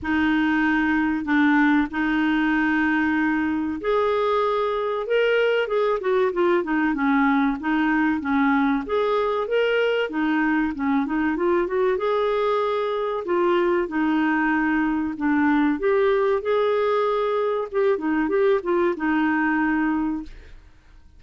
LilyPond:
\new Staff \with { instrumentName = "clarinet" } { \time 4/4 \tempo 4 = 95 dis'2 d'4 dis'4~ | dis'2 gis'2 | ais'4 gis'8 fis'8 f'8 dis'8 cis'4 | dis'4 cis'4 gis'4 ais'4 |
dis'4 cis'8 dis'8 f'8 fis'8 gis'4~ | gis'4 f'4 dis'2 | d'4 g'4 gis'2 | g'8 dis'8 g'8 f'8 dis'2 | }